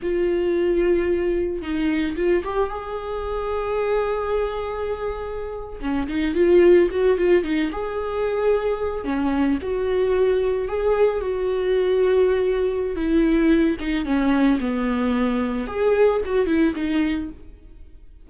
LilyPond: \new Staff \with { instrumentName = "viola" } { \time 4/4 \tempo 4 = 111 f'2. dis'4 | f'8 g'8 gis'2.~ | gis'2~ gis'8. cis'8 dis'8 f'16~ | f'8. fis'8 f'8 dis'8 gis'4.~ gis'16~ |
gis'8. cis'4 fis'2 gis'16~ | gis'8. fis'2.~ fis'16 | e'4. dis'8 cis'4 b4~ | b4 gis'4 fis'8 e'8 dis'4 | }